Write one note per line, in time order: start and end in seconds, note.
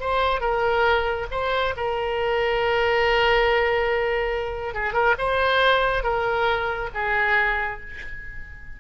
0.00 0.40 C5
0.40 1.27 A#4
1.31 1.74 C5
1.76 4.74 A#4
4.74 4.93 G#4
4.93 5.15 A#4
5.18 6.03 C5
6.03 6.89 A#4
6.94 7.80 G#4